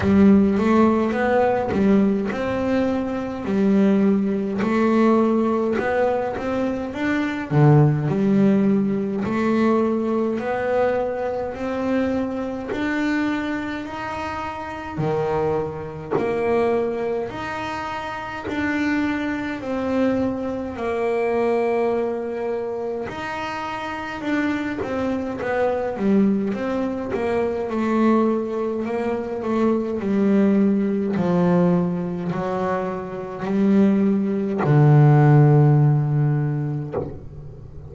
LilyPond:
\new Staff \with { instrumentName = "double bass" } { \time 4/4 \tempo 4 = 52 g8 a8 b8 g8 c'4 g4 | a4 b8 c'8 d'8 d8 g4 | a4 b4 c'4 d'4 | dis'4 dis4 ais4 dis'4 |
d'4 c'4 ais2 | dis'4 d'8 c'8 b8 g8 c'8 ais8 | a4 ais8 a8 g4 f4 | fis4 g4 d2 | }